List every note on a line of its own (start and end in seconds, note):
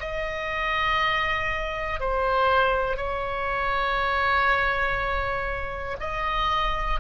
0.00 2.00 D#5
2.00 2.97 C5
2.97 5.97 C#5
6.00 7.00 D#5